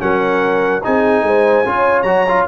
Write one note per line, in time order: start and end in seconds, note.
0.00 0.83 F#3
0.00 0.82 C#4
0.00 0.84 A#4
0.00 0.83 F#5
0.84 1.23 C4
0.84 1.65 D#4
0.84 1.26 G#4
0.84 2.03 G#5
1.23 1.64 G#3
1.23 1.68 C5
1.66 2.03 C#4
1.66 2.06 F4
1.66 2.48 C#5
2.03 2.44 F#3
2.03 2.27 F#4
2.03 2.43 A#5
2.28 2.48 F4